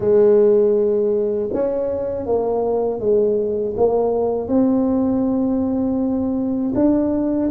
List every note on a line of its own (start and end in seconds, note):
0.00 1.49 G#3
1.53 2.26 C#4
2.26 3.00 A#3
3.00 3.75 G#3
3.76 4.48 A#3
4.48 6.73 C4
6.75 7.50 D4